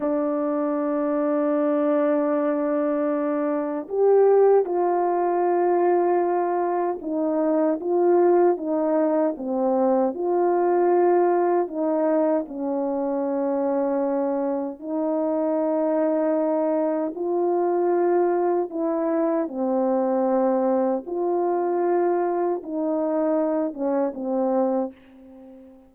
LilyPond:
\new Staff \with { instrumentName = "horn" } { \time 4/4 \tempo 4 = 77 d'1~ | d'4 g'4 f'2~ | f'4 dis'4 f'4 dis'4 | c'4 f'2 dis'4 |
cis'2. dis'4~ | dis'2 f'2 | e'4 c'2 f'4~ | f'4 dis'4. cis'8 c'4 | }